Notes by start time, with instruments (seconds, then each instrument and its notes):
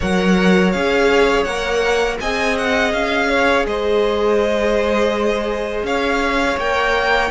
0.00 cello F#3, viola A#4, violin C#5 F#5
0.71 cello C#4, viola G#4, violin F5
1.43 cello A#3, viola A#4, violin F#5
2.20 cello C4, viola G#4, violin D#5 G#5
2.58 violin F#5
2.92 cello C#4, violin F5
3.29 violin C#5
3.65 cello G#3, violin C5 D#5
5.83 cello C#4, violin C#5 F5
6.57 cello A#3, viola A#4, violin G5